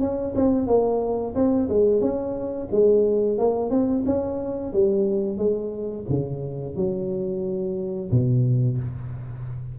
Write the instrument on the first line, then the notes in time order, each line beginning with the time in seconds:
tuba
0.00 C#4
0.35 C4
0.67 A#3
1.35 C4
1.69 G#3
2.00 C#4
2.71 G#3
3.38 A#3
3.70 C4
4.05 C#4
4.73 G3
5.37 G#3
6.09 C#3
6.76 F#3
8.11 B2